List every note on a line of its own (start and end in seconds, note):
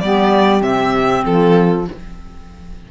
0.00 0.62 G3
0.00 0.60 B3
0.00 1.25 G4
0.00 0.62 D5
0.60 1.24 C3
0.60 1.84 C4
0.60 1.24 E5
1.25 1.87 F3
1.25 1.91 F4
1.25 1.86 A4